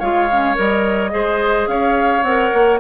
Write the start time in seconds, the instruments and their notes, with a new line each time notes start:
0.00 bassoon G#3, clarinet F4, oboe C#5, flute F5
0.31 clarinet C#4
0.55 bassoon G3, clarinet A#4, flute D#5
1.11 bassoon G#3, clarinet G#4, oboe C5
1.68 bassoon C#4, oboe C#5, flute F5
2.23 bassoon C4, clarinet A#4, flute F#5
2.54 bassoon A#3